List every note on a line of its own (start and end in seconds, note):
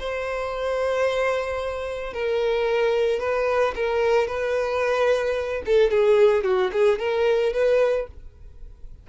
0.00 2.14 C5
2.14 3.20 A#4
3.20 3.74 B4
3.76 4.28 A#4
4.28 5.63 B4
5.66 5.91 A4
5.91 6.44 G#4
6.44 6.71 F#4
6.73 7.00 G#4
7.00 7.54 A#4
7.54 8.08 B4